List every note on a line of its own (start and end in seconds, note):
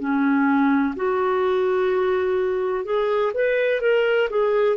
0.00 0.95 C#4
0.96 2.85 F#4
2.85 3.32 G#4
3.34 3.82 B4
3.82 4.29 A#4
4.30 4.77 G#4